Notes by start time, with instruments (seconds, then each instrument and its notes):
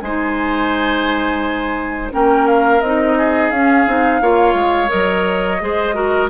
0.00 bassoon G#3, clarinet D#4, oboe C5, flute G#5
2.11 bassoon A#3, clarinet C#4, oboe A#4, flute G5
2.47 flute F5
2.81 bassoon C4, clarinet D#4, flute D#5
3.17 oboe G#4
3.50 bassoon C#4, clarinet C#4, flute F5
3.86 bassoon C4, clarinet D#4
4.21 bassoon A#3, clarinet F4, oboe C#5
4.54 bassoon G#3
4.88 bassoon F#3, clarinet A#4, flute D#5
5.60 bassoon G#3, clarinet G#4, oboe C5
5.93 clarinet F#4, oboe A#4